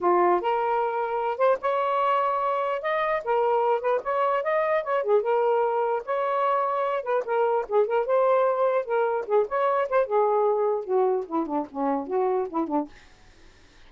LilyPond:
\new Staff \with { instrumentName = "saxophone" } { \time 4/4 \tempo 4 = 149 f'4 ais'2~ ais'8 c''8 | cis''2. dis''4 | ais'4. b'8 cis''4 dis''4 | cis''8 gis'8 ais'2 cis''4~ |
cis''4. b'8 ais'4 gis'8 ais'8 | c''2 ais'4 gis'8 cis''8~ | cis''8 c''8 gis'2 fis'4 | e'8 d'8 cis'4 fis'4 e'8 d'8 | }